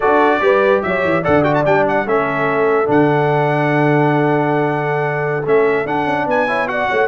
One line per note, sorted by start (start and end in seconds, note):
0.00 0.40 D4
0.00 0.40 F#4
0.00 0.41 A4
0.00 0.82 D5
0.40 0.81 G3
0.40 1.23 G4
0.40 0.84 B4
0.82 1.04 F#3
0.82 1.22 C#5
0.82 1.23 E5
1.04 1.24 E3
1.22 1.65 D3
1.22 1.43 A4
1.22 2.04 D5
1.22 1.43 F#5
1.43 1.63 F#4
1.43 1.53 G5
1.54 1.64 A5
1.65 2.05 G3
1.65 2.06 D4
1.65 1.86 G5
1.88 2.08 F#5
2.05 2.87 A3
2.05 2.85 C#4
2.05 6.26 A4
2.05 2.90 E5
2.85 5.45 D3
2.85 5.42 D4
2.85 5.47 F#5
5.45 5.85 A3
5.45 5.86 C#4
5.45 5.86 E5
5.85 6.06 D4
5.85 6.47 D4
5.85 6.27 F#5
6.06 6.26 C#4
6.26 6.87 B3
6.26 6.47 B4
6.26 6.68 G#5
6.47 6.67 E4
6.47 6.67 C#5
6.67 7.07 F#4
6.67 6.89 D5
6.67 7.07 F#5
6.89 7.07 A3
6.89 7.07 C#5